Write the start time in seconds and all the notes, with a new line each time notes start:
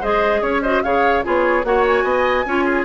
0.00 G#3 G#4 C5 D#5
0.42 C#4 C#5
0.62 F#4 C5 D#5
0.83 C#3 G#4 C#5 F5
1.23 B3 F4 G#4 C#5
1.64 A#3 F#4 C#5 F#5
1.86 G#5
2.04 B3 D#5
2.46 C#4 F4 C#5
2.64 G#4